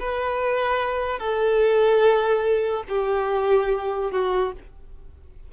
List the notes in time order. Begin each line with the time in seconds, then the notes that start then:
0.00 B4
1.20 A4
2.89 G4
4.12 F#4